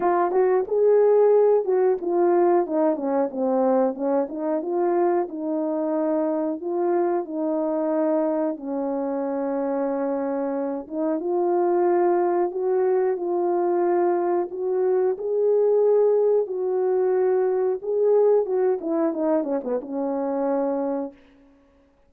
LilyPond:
\new Staff \with { instrumentName = "horn" } { \time 4/4 \tempo 4 = 91 f'8 fis'8 gis'4. fis'8 f'4 | dis'8 cis'8 c'4 cis'8 dis'8 f'4 | dis'2 f'4 dis'4~ | dis'4 cis'2.~ |
cis'8 dis'8 f'2 fis'4 | f'2 fis'4 gis'4~ | gis'4 fis'2 gis'4 | fis'8 e'8 dis'8 cis'16 b16 cis'2 | }